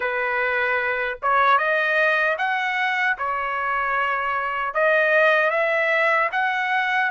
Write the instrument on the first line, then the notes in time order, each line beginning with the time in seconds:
trumpet
0.00 B4
1.22 C#5
1.58 D#5
2.38 F#5
3.18 C#5
4.74 D#5
5.50 E5
6.32 F#5